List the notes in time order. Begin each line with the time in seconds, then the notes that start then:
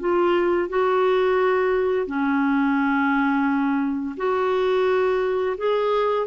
0.00 F4
0.69 F#4
2.07 C#4
4.17 F#4
5.58 G#4